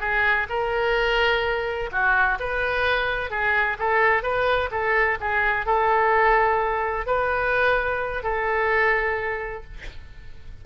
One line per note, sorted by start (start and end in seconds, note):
0.00 0.47 G#4
0.49 1.90 A#4
1.92 2.38 F#4
2.40 3.30 B4
3.30 3.77 G#4
3.79 4.23 A4
4.23 4.70 B4
4.71 5.18 A4
5.20 5.66 G#4
5.66 7.06 A4
7.06 8.23 B4
8.23 9.64 A4